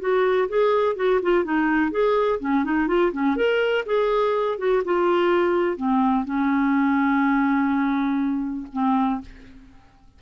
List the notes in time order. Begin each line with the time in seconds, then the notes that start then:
0.00 F#4
0.49 G#4
0.96 F#4
1.23 F4
1.44 D#4
1.91 G#4
2.40 C#4
2.65 D#4
2.88 F4
3.12 C#4
3.36 A#4
3.86 G#4
4.58 F#4
4.85 F4
5.77 C4
6.25 C#4
8.73 C4